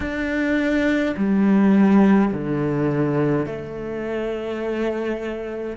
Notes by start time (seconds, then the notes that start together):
0.00 D4
1.16 G3
2.32 D3
3.46 A3